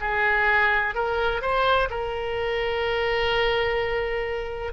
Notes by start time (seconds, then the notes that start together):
0.00 G#4
0.94 A#4
1.41 C5
1.90 A#4